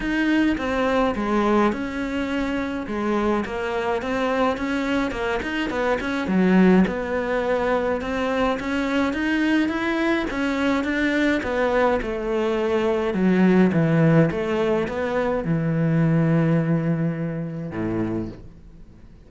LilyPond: \new Staff \with { instrumentName = "cello" } { \time 4/4 \tempo 4 = 105 dis'4 c'4 gis4 cis'4~ | cis'4 gis4 ais4 c'4 | cis'4 ais8 dis'8 b8 cis'8 fis4 | b2 c'4 cis'4 |
dis'4 e'4 cis'4 d'4 | b4 a2 fis4 | e4 a4 b4 e4~ | e2. a,4 | }